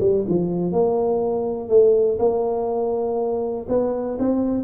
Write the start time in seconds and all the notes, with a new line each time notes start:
0.00 G3
0.27 F3
0.72 A#3
1.69 A3
2.19 A#3
3.68 B3
4.19 C4